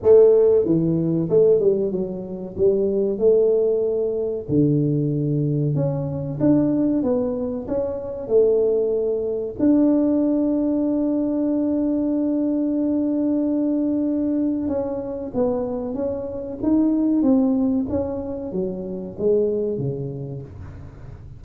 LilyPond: \new Staff \with { instrumentName = "tuba" } { \time 4/4 \tempo 4 = 94 a4 e4 a8 g8 fis4 | g4 a2 d4~ | d4 cis'4 d'4 b4 | cis'4 a2 d'4~ |
d'1~ | d'2. cis'4 | b4 cis'4 dis'4 c'4 | cis'4 fis4 gis4 cis4 | }